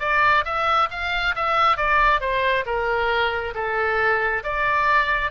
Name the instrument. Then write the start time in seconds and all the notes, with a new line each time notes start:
oboe
0.00 D5
0.45 E5
0.91 F5
1.36 E5
1.77 D5
2.21 C5
2.66 A#4
3.55 A4
4.44 D5